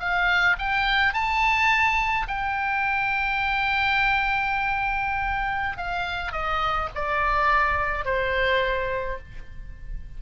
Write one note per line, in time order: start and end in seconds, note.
0.00 0.57 F5
0.59 1.14 G5
1.14 2.27 A5
2.28 5.78 G5
5.78 6.33 F5
6.33 6.89 D#5
6.95 8.05 D5
8.05 9.19 C5